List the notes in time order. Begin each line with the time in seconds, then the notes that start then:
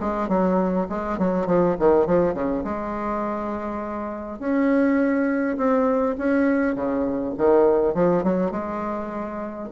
0.00 G#3
0.28 F#3
0.89 G#3
1.18 F#3
1.46 F3
1.79 D#3
2.06 F3
2.34 C#3
2.63 G#3
4.39 C#4
5.57 C4
6.18 C#4
6.75 C#3
7.37 D#3
7.94 F3
8.23 F#3
8.51 G#3